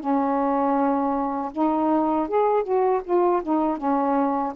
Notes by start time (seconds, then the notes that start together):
0.00 C#4
1.52 D#4
2.28 G#4
2.64 F#4
3.04 F4
3.43 D#4
3.78 C#4